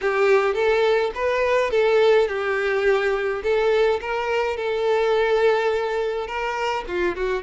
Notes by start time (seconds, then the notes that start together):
0.01 G4
0.54 A4
1.15 B4
1.70 A4
2.28 G4
3.43 A4
4.00 A#4
4.57 A4
6.27 A#4
6.87 F4
7.15 F#4